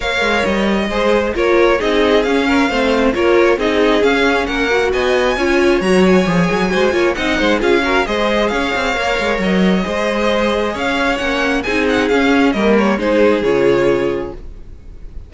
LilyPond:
<<
  \new Staff \with { instrumentName = "violin" } { \time 4/4 \tempo 4 = 134 f''4 dis''2 cis''4 | dis''4 f''2 cis''4 | dis''4 f''4 fis''4 gis''4~ | gis''4 ais''8 gis''2~ gis''8 |
fis''4 f''4 dis''4 f''4~ | f''4 dis''2. | f''4 fis''4 gis''8 fis''8 f''4 | dis''8 cis''8 c''4 cis''2 | }
  \new Staff \with { instrumentName = "violin" } { \time 4/4 cis''2 c''4 ais'4 | gis'4. ais'8 c''4 ais'4 | gis'2 ais'4 dis''4 | cis''2. c''8 cis''8 |
dis''8 c''8 gis'8 ais'8 c''4 cis''4~ | cis''2 c''2 | cis''2 gis'2 | ais'4 gis'2. | }
  \new Staff \with { instrumentName = "viola" } { \time 4/4 ais'2 gis'4 f'4 | dis'4 cis'4 c'4 f'4 | dis'4 cis'4. fis'4. | f'4 fis'4 gis'4 fis'8 f'8 |
dis'4 f'8 fis'8 gis'2 | ais'2 gis'2~ | gis'4 cis'4 dis'4 cis'4 | ais4 dis'4 f'2 | }
  \new Staff \with { instrumentName = "cello" } { \time 4/4 ais8 gis8 g4 gis4 ais4 | c'4 cis'4 a4 ais4 | c'4 cis'4 ais4 b4 | cis'4 fis4 f8 fis8 gis8 ais8 |
c'8 gis8 cis'4 gis4 cis'8 c'8 | ais8 gis8 fis4 gis2 | cis'4 ais4 c'4 cis'4 | g4 gis4 cis2 | }
>>